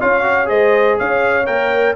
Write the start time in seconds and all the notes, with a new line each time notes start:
0.00 C#4 F4 C#5 F5
0.23 F#4
0.45 G#3 G#4 C5 D#5
0.98 C#4 C#5 F5
1.46 A#3 A#4 G5